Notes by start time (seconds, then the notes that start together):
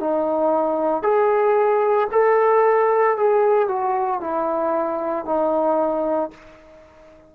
0.00 D#4
1.03 G#4
2.12 A4
3.17 G#4
3.68 F#4
4.21 E4
5.26 D#4